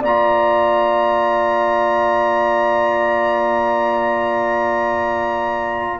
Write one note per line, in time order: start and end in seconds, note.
0.00 6.00 A#3
0.00 6.00 F4
0.00 6.00 D5
0.00 6.00 A#5